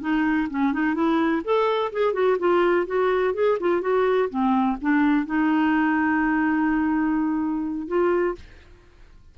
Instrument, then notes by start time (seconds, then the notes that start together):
clarinet
0.00 D#4
0.50 C#4
0.72 D#4
0.94 E4
1.44 A4
1.92 G#4
2.13 F#4
2.38 F4
2.86 F#4
3.34 G#4
3.60 F4
3.81 F#4
4.29 C4
4.81 D4
5.26 D#4
7.87 F4